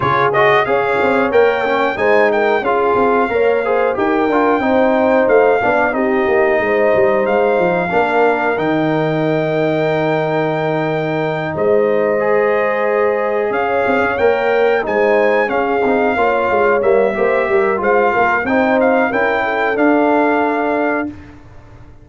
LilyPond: <<
  \new Staff \with { instrumentName = "trumpet" } { \time 4/4 \tempo 4 = 91 cis''8 dis''8 f''4 g''4 gis''8 g''8 | f''2 g''2 | f''4 dis''2 f''4~ | f''4 g''2.~ |
g''4. dis''2~ dis''8~ | dis''8 f''4 g''4 gis''4 f''8~ | f''4. e''4. f''4 | g''8 f''8 g''4 f''2 | }
  \new Staff \with { instrumentName = "horn" } { \time 4/4 gis'4 cis''2 c''8 ais'8 | gis'4 cis''8 c''8 ais'4 c''4~ | c''8 d''8 g'4 c''2 | ais'1~ |
ais'4. c''2~ c''8~ | c''8 cis''2 c''4 gis'8~ | gis'8 cis''4. c''8 ais'8 c''8 ais'8 | c''4 ais'8 a'2~ a'8 | }
  \new Staff \with { instrumentName = "trombone" } { \time 4/4 f'8 fis'8 gis'4 ais'8 cis'8 dis'4 | f'4 ais'8 gis'8 g'8 f'8 dis'4~ | dis'8 d'8 dis'2. | d'4 dis'2.~ |
dis'2~ dis'8 gis'4.~ | gis'4. ais'4 dis'4 cis'8 | dis'8 f'4 ais8 g'4 f'4 | dis'4 e'4 d'2 | }
  \new Staff \with { instrumentName = "tuba" } { \time 4/4 cis4 cis'8 c'8 ais4 gis4 | cis'8 c'8 ais4 dis'8 d'8 c'4 | a8 b8 c'8 ais8 gis8 g8 gis8 f8 | ais4 dis2.~ |
dis4. gis2~ gis8~ | gis8 cis'8 c'16 cis'16 ais4 gis4 cis'8 | c'8 ais8 gis8 g8 ais8 g8 gis8 ais8 | c'4 cis'4 d'2 | }
>>